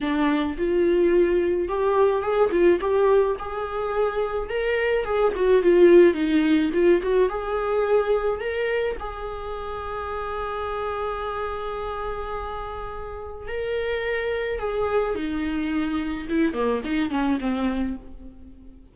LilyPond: \new Staff \with { instrumentName = "viola" } { \time 4/4 \tempo 4 = 107 d'4 f'2 g'4 | gis'8 f'8 g'4 gis'2 | ais'4 gis'8 fis'8 f'4 dis'4 | f'8 fis'8 gis'2 ais'4 |
gis'1~ | gis'1 | ais'2 gis'4 dis'4~ | dis'4 e'8 ais8 dis'8 cis'8 c'4 | }